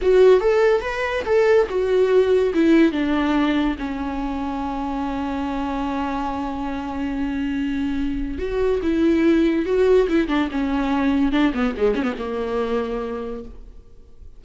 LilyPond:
\new Staff \with { instrumentName = "viola" } { \time 4/4 \tempo 4 = 143 fis'4 a'4 b'4 a'4 | fis'2 e'4 d'4~ | d'4 cis'2.~ | cis'1~ |
cis'1 | fis'4 e'2 fis'4 | e'8 d'8 cis'2 d'8 b8 | gis8 cis'16 b16 ais2. | }